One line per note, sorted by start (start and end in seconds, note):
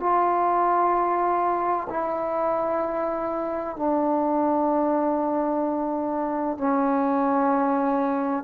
0.00 1.87 F4
1.90 3.76 E4
3.76 6.58 D4
6.58 8.44 C#4